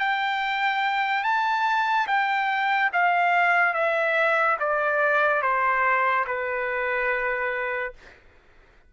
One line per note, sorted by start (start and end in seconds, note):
0.00 1.24 G5
1.24 2.07 A5
2.08 2.91 G5
2.93 3.74 F5
3.74 4.57 E5
4.60 5.42 D5
5.42 6.25 C5
6.27 7.94 B4